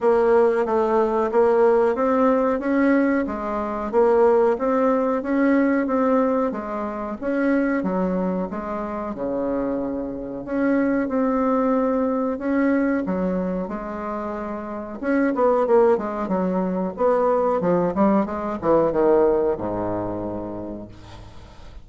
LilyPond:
\new Staff \with { instrumentName = "bassoon" } { \time 4/4 \tempo 4 = 92 ais4 a4 ais4 c'4 | cis'4 gis4 ais4 c'4 | cis'4 c'4 gis4 cis'4 | fis4 gis4 cis2 |
cis'4 c'2 cis'4 | fis4 gis2 cis'8 b8 | ais8 gis8 fis4 b4 f8 g8 | gis8 e8 dis4 gis,2 | }